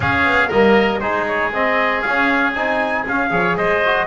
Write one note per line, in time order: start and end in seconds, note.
0.00 0.24 C#4
0.00 0.51 C#4
0.00 0.48 G#4
0.00 0.51 F5
0.24 0.49 B3
0.48 1.02 G3
0.48 1.01 A#3
0.48 0.99 A#4
0.48 0.99 D#5
0.99 2.03 G#3
0.99 1.51 D#4
0.99 3.30 G#4
0.99 1.25 C5
1.27 1.53 C#5
1.53 2.04 C4
1.53 2.02 D#5
2.02 2.55 C#4
2.02 2.54 C#4
2.02 2.53 F5
2.54 3.05 C4
2.54 3.06 D#4
2.54 3.05 G#5
3.07 3.31 C#4
3.07 3.30 C#4
3.07 3.56 F5
3.30 3.56 F3
3.30 3.81 G#4
3.30 3.56 C#5
3.56 4.06 G#3
3.56 4.06 C5
3.56 4.06 D#5
3.84 4.06 F#4